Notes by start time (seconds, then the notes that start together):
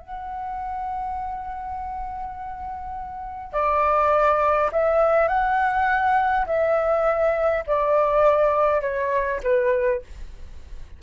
0.00 F#5
3.53 D5
4.72 E5
5.28 F#5
6.46 E5
7.67 D5
8.82 C#5
9.43 B4